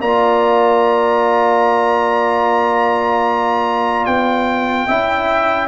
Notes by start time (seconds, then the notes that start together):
0.00 A#3 F4 D5 A#5
4.05 B3 G5
4.86 C#4 E4 E5